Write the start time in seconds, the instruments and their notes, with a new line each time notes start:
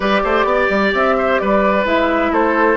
0.00 bassoon G3, clarinet G4, oboe B4, flute D5
0.24 bassoon A3, oboe C5
0.44 bassoon B3, oboe D5
0.69 bassoon G3
0.93 bassoon C4, flute E5
1.17 oboe C5
1.38 bassoon G3, oboe B4, flute D5
1.85 bassoon G#3, clarinet E4, flute E5
2.31 bassoon A3, oboe A4, flute C5